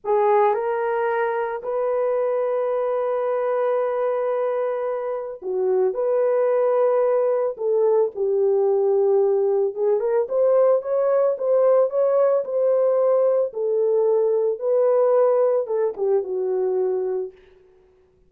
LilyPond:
\new Staff \with { instrumentName = "horn" } { \time 4/4 \tempo 4 = 111 gis'4 ais'2 b'4~ | b'1~ | b'2 fis'4 b'4~ | b'2 a'4 g'4~ |
g'2 gis'8 ais'8 c''4 | cis''4 c''4 cis''4 c''4~ | c''4 a'2 b'4~ | b'4 a'8 g'8 fis'2 | }